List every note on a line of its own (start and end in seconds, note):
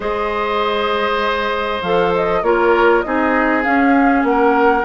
0.00 1.81 G#3
0.00 1.81 G#4
0.00 2.40 C5
0.00 1.82 D#5
1.82 2.42 F3
1.82 2.43 A4
1.82 2.13 F5
2.15 2.43 D#5
2.42 3.03 A#3
2.42 3.04 F4
2.42 3.04 A#4
2.42 3.01 C#5
3.01 3.66 C4
3.01 3.62 D#4
3.01 4.27 G#4
3.01 3.62 D#5
3.62 4.83 C#4
3.62 4.23 C#4
3.62 4.23 F5
4.23 4.83 A#3
4.23 4.84 A#4
4.23 4.84 F#5